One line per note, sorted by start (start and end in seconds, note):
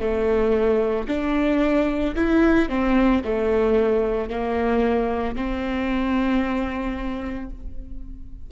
0.00 1.07 A3
1.08 2.15 D4
2.16 2.69 E4
2.69 3.22 C4
3.24 4.30 A3
4.30 5.36 A#3
5.36 7.50 C4